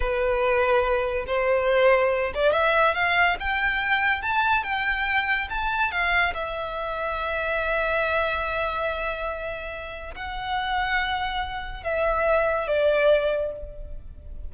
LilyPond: \new Staff \with { instrumentName = "violin" } { \time 4/4 \tempo 4 = 142 b'2. c''4~ | c''4. d''8 e''4 f''4 | g''2 a''4 g''4~ | g''4 a''4 f''4 e''4~ |
e''1~ | e''1 | fis''1 | e''2 d''2 | }